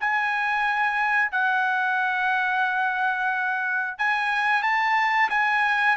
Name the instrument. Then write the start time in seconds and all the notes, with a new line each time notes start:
trumpet
0.00 G#5
1.32 F#5
3.98 G#5
4.62 A5
5.30 G#5